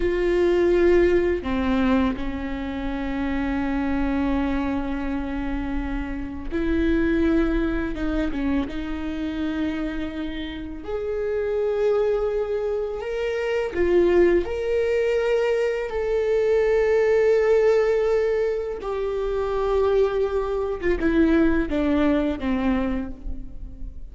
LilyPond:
\new Staff \with { instrumentName = "viola" } { \time 4/4 \tempo 4 = 83 f'2 c'4 cis'4~ | cis'1~ | cis'4 e'2 dis'8 cis'8 | dis'2. gis'4~ |
gis'2 ais'4 f'4 | ais'2 a'2~ | a'2 g'2~ | g'8. f'16 e'4 d'4 c'4 | }